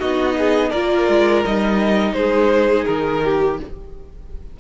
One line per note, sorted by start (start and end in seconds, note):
0.00 0.73 B3
0.00 0.73 D#4
0.00 0.36 F#4
0.00 0.71 D#5
0.39 0.71 G#4
0.71 1.09 A#3
0.71 1.45 F4
0.71 2.14 A#4
0.71 1.43 D5
1.09 1.45 G#3
1.45 2.13 G3
1.45 3.60 D#4
1.45 2.14 D#5
2.13 2.85 G#3
2.13 3.24 G#4
2.13 2.85 C5
2.86 3.60 D#3
2.86 3.58 A#4
3.24 3.60 G4